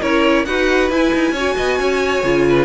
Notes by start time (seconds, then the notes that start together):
0.00 C#4 E4 A#4 C#5
0.45 D#4 F#4 B4 F#5
0.90 E4 G#5
1.13 D#4
1.31 C#4 F#4 C#5
1.56 B3 D#5
1.79 C#4 C#5
2.23 C#3 F4
2.49 B4